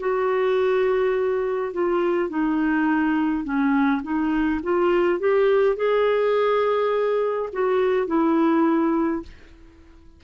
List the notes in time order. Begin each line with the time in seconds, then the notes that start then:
0.00 F#4
1.73 F4
2.30 D#4
3.45 C#4
4.03 D#4
4.64 F4
5.20 G4
5.76 G#4
7.53 F#4
8.07 E4